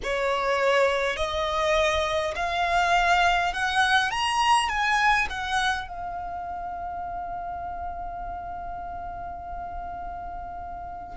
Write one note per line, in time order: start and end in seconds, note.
0.03 1.16 C#5
1.16 2.34 D#5
2.35 3.53 F5
3.53 4.11 F#5
4.11 4.68 A#5
4.68 5.27 G#5
5.29 5.88 F#5
5.88 11.17 F5